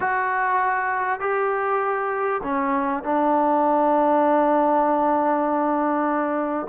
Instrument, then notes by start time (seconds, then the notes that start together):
trombone
0.00 F#4
1.20 G4
2.43 C#4
3.03 D4